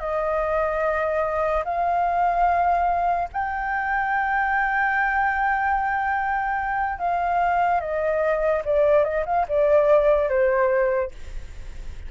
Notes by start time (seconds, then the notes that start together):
0.00 D#5
1.65 F5
3.33 G5
6.99 F5
7.81 D#5
8.65 D5
9.04 D#5
9.26 F5
9.49 D5
10.30 C5